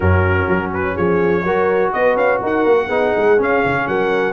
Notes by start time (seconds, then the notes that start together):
0.00 F#2 C#4 F#4 A#4
0.48 F#3
0.73 B4
0.96 F3 G#4 C#5
1.43 F#3 F#4 A#4
1.92 B3 B4 D#5
2.15 C#4 F5
2.42 D#4 A#4 F#5
2.65 A#3
2.86 B3 D#4 G#4
3.16 G#3
3.37 C#4 F5
3.64 C#3
3.87 F#3 A#4 F#5